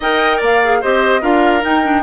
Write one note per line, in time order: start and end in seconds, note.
0.00 0.41 D#4
0.00 0.63 A#4
0.00 0.37 D#5
0.00 0.42 G5
0.37 0.82 A#3
0.37 0.77 D5
0.43 0.82 F5
0.63 0.82 G#4
0.81 1.22 C4
0.81 1.21 G4
0.81 1.21 C5
0.81 1.23 D#5
1.21 1.63 D4
1.21 1.61 F4
1.21 2.03 A#4
1.21 1.63 F5
1.61 1.82 D#4
1.61 2.03 D#4
1.61 2.03 G5
1.83 2.03 D4